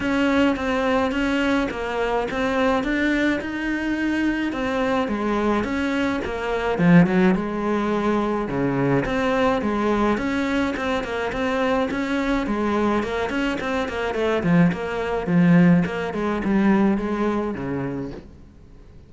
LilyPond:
\new Staff \with { instrumentName = "cello" } { \time 4/4 \tempo 4 = 106 cis'4 c'4 cis'4 ais4 | c'4 d'4 dis'2 | c'4 gis4 cis'4 ais4 | f8 fis8 gis2 cis4 |
c'4 gis4 cis'4 c'8 ais8 | c'4 cis'4 gis4 ais8 cis'8 | c'8 ais8 a8 f8 ais4 f4 | ais8 gis8 g4 gis4 cis4 | }